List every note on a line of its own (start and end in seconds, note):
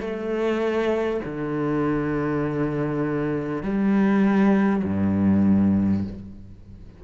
0.00 1.20 A3
1.24 3.63 D3
3.63 4.83 G3
4.84 6.04 G2